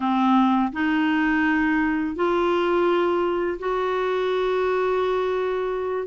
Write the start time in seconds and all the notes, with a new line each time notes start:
0.00 C4
0.72 D#4
2.15 F4
3.59 F#4